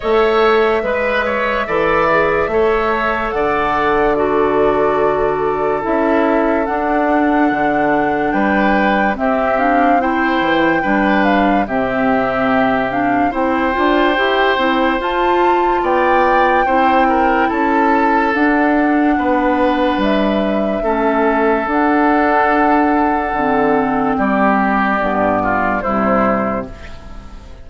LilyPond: <<
  \new Staff \with { instrumentName = "flute" } { \time 4/4 \tempo 4 = 72 e''1 | fis''4 d''2 e''4 | fis''2 g''4 e''8 f''8 | g''4. f''8 e''4. f''8 |
g''2 a''4 g''4~ | g''4 a''4 fis''2 | e''2 fis''2~ | fis''4 d''2 c''4 | }
  \new Staff \with { instrumentName = "oboe" } { \time 4/4 cis''4 b'8 cis''8 d''4 cis''4 | d''4 a'2.~ | a'2 b'4 g'4 | c''4 b'4 g'2 |
c''2. d''4 | c''8 ais'8 a'2 b'4~ | b'4 a'2.~ | a'4 g'4. f'8 e'4 | }
  \new Staff \with { instrumentName = "clarinet" } { \time 4/4 a'4 b'4 a'8 gis'8 a'4~ | a'4 fis'2 e'4 | d'2. c'8 d'8 | e'4 d'4 c'4. d'8 |
e'8 f'8 g'8 e'8 f'2 | e'2 d'2~ | d'4 cis'4 d'2 | c'2 b4 g4 | }
  \new Staff \with { instrumentName = "bassoon" } { \time 4/4 a4 gis4 e4 a4 | d2. cis'4 | d'4 d4 g4 c'4~ | c'8 e8 g4 c2 |
c'8 d'8 e'8 c'8 f'4 b4 | c'4 cis'4 d'4 b4 | g4 a4 d'2 | d4 g4 g,4 c4 | }
>>